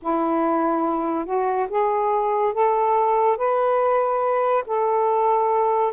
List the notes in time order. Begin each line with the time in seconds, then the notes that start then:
0.02 E4
1.25 F#4
1.69 G#4
2.54 A4
3.37 B4
4.66 A4